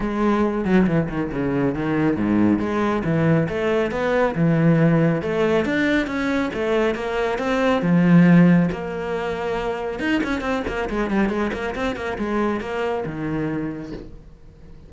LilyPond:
\new Staff \with { instrumentName = "cello" } { \time 4/4 \tempo 4 = 138 gis4. fis8 e8 dis8 cis4 | dis4 gis,4 gis4 e4 | a4 b4 e2 | a4 d'4 cis'4 a4 |
ais4 c'4 f2 | ais2. dis'8 cis'8 | c'8 ais8 gis8 g8 gis8 ais8 c'8 ais8 | gis4 ais4 dis2 | }